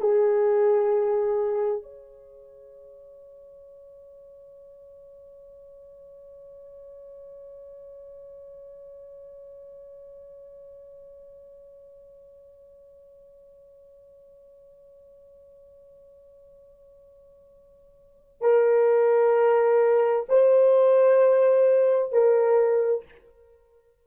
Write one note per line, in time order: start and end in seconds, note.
0.00 1.83 G#4
1.83 18.41 C#5
18.41 20.26 A#4
20.29 22.12 C5
22.12 23.05 A#4